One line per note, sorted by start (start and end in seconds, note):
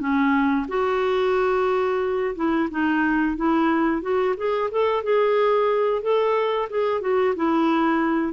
0.00 0.67 C#4
0.69 2.35 F#4
2.36 2.69 E4
2.71 3.37 D#4
3.37 4.02 E4
4.02 4.35 F#4
4.37 4.71 G#4
4.71 5.04 A4
5.04 6.02 G#4
6.02 6.69 A4
6.70 7.02 G#4
7.02 7.35 F#4
7.36 8.34 E4